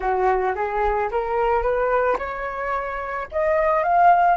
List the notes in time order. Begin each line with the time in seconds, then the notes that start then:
0.00 F#4
0.55 G#4
1.11 A#4
1.62 B4
2.18 C#5
3.31 D#5
3.83 F5